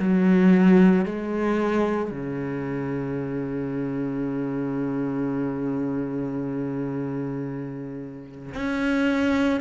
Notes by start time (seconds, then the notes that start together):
0.00 F#3
1.06 G#3
2.11 C#3
8.55 C#4